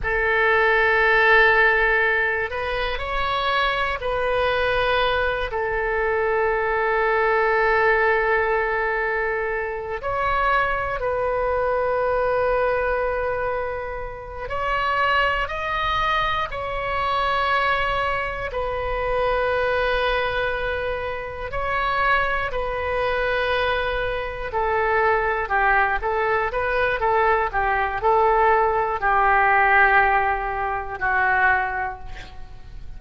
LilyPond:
\new Staff \with { instrumentName = "oboe" } { \time 4/4 \tempo 4 = 60 a'2~ a'8 b'8 cis''4 | b'4. a'2~ a'8~ | a'2 cis''4 b'4~ | b'2~ b'8 cis''4 dis''8~ |
dis''8 cis''2 b'4.~ | b'4. cis''4 b'4.~ | b'8 a'4 g'8 a'8 b'8 a'8 g'8 | a'4 g'2 fis'4 | }